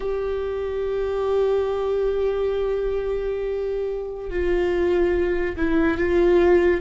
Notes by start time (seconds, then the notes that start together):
0.00 G4
4.29 F4
5.56 E4
5.97 F4